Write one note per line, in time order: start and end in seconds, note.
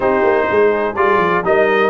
0.00 0.22 C4
0.00 0.94 D#4
0.00 0.46 G4
0.00 0.95 C5
0.22 0.46 A#3
0.50 0.96 G#3
0.50 1.46 G#4
0.95 1.17 G3
0.95 1.44 F4
0.95 1.43 D5
1.17 1.41 F3
1.44 1.90 G3
1.44 1.90 D#4
1.44 1.90 A#4
1.44 1.90 D#5